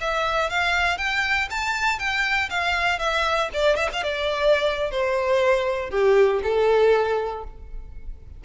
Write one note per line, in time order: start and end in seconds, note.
0.00 0.50 E5
0.50 0.98 F5
0.98 1.48 G5
1.50 1.99 A5
1.99 2.49 G5
2.49 2.99 F5
2.99 3.49 E5
3.53 3.76 D5
3.76 3.88 E5
3.93 4.03 F5
4.03 4.90 D5
4.90 5.90 C5
5.90 6.40 G4
6.43 7.44 A4